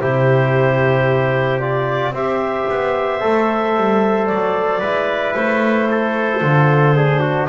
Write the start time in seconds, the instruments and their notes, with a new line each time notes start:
0.00 double bass C3, trombone E4, trumpet G4, clarinet C5
1.60 trombone F4, clarinet D5
2.11 double bass C4, trombone G4, trumpet C5, clarinet E5
2.70 double bass B3
3.20 double bass A3, trombone A4
3.77 double bass G3
4.27 double bass F#3, clarinet D5
4.80 double bass G#3, trombone E4, trumpet B4
5.34 double bass A3, clarinet C5
5.91 trumpet A4
6.41 double bass D3, trombone F4
6.96 trombone D4, trumpet G#4
7.20 trumpet F#4